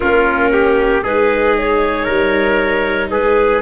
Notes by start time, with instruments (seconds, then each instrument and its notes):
0.00 tuba A#3, viola C#4, trumpet F4, clarinet A#4
0.52 trumpet G4
1.02 tuba G#3, viola D#4, trumpet G#4, clarinet B4
1.57 clarinet C#5
2.04 tuba G3, trumpet A#4
3.10 tuba G#3, trumpet G#4, clarinet B4